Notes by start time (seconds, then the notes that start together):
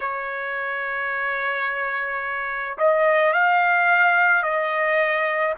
0.00 C#5
2.78 D#5
3.33 F5
4.42 D#5